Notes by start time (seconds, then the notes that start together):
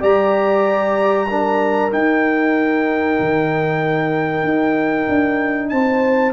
0.00 G3 G4 D5 A#5
1.29 D4 A#4
1.91 D#4 G5
3.19 D#3
4.43 D#4
5.08 D4
5.69 C4 C5 A5